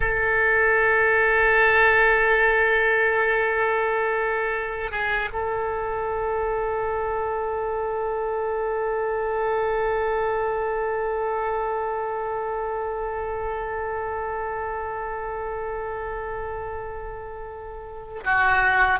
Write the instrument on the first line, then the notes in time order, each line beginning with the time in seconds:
oboe
0.00 A4
4.91 G#4
5.32 A4
18.23 F#4